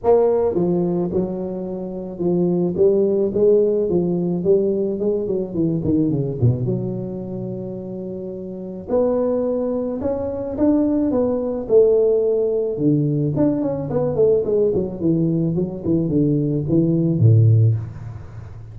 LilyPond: \new Staff \with { instrumentName = "tuba" } { \time 4/4 \tempo 4 = 108 ais4 f4 fis2 | f4 g4 gis4 f4 | g4 gis8 fis8 e8 dis8 cis8 b,8 | fis1 |
b2 cis'4 d'4 | b4 a2 d4 | d'8 cis'8 b8 a8 gis8 fis8 e4 | fis8 e8 d4 e4 a,4 | }